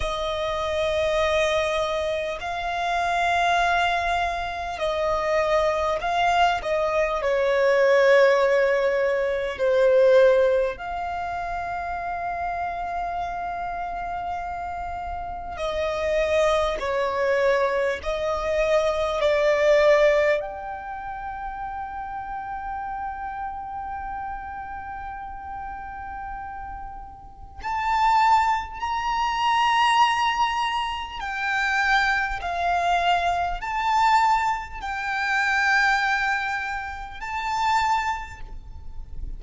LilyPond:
\new Staff \with { instrumentName = "violin" } { \time 4/4 \tempo 4 = 50 dis''2 f''2 | dis''4 f''8 dis''8 cis''2 | c''4 f''2.~ | f''4 dis''4 cis''4 dis''4 |
d''4 g''2.~ | g''2. a''4 | ais''2 g''4 f''4 | a''4 g''2 a''4 | }